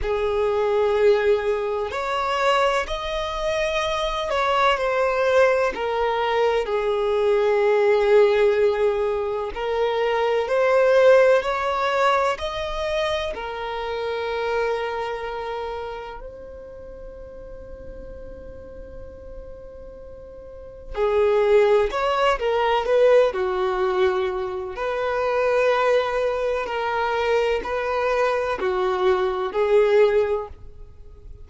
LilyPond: \new Staff \with { instrumentName = "violin" } { \time 4/4 \tempo 4 = 63 gis'2 cis''4 dis''4~ | dis''8 cis''8 c''4 ais'4 gis'4~ | gis'2 ais'4 c''4 | cis''4 dis''4 ais'2~ |
ais'4 c''2.~ | c''2 gis'4 cis''8 ais'8 | b'8 fis'4. b'2 | ais'4 b'4 fis'4 gis'4 | }